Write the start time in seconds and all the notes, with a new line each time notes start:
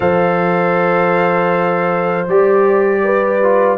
0.00 F3 A4 C5 F5
2.27 G3 G4 D5
3.03 B4
3.42 F4